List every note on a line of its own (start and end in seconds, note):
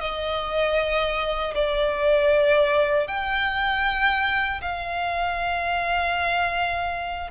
0.00 1.54 D#5
1.55 3.07 D5
3.07 4.61 G5
4.61 7.30 F5